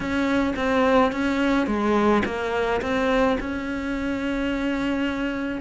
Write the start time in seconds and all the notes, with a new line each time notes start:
0.00 C#4
0.56 C4
1.12 C#4
1.66 G#3
2.25 A#3
2.81 C4
3.40 C#4